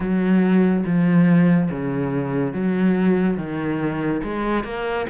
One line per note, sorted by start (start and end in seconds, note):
0.00 0.84 F#3
0.85 1.70 F3
1.71 2.53 C#3
2.53 3.37 F#3
3.37 4.21 D#3
4.23 4.64 G#3
4.64 5.06 A#3